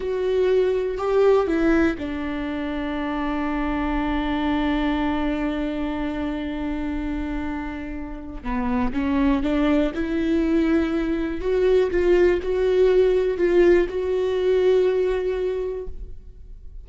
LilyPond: \new Staff \with { instrumentName = "viola" } { \time 4/4 \tempo 4 = 121 fis'2 g'4 e'4 | d'1~ | d'1~ | d'1~ |
d'4 b4 cis'4 d'4 | e'2. fis'4 | f'4 fis'2 f'4 | fis'1 | }